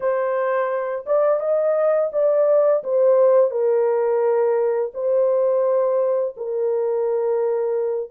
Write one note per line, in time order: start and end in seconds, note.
0.00 1.05 C5
1.06 1.40 D5
1.40 2.10 D#5
2.12 2.83 D5
2.83 3.51 C5
3.51 4.92 A#4
4.94 6.35 C5
6.37 8.10 A#4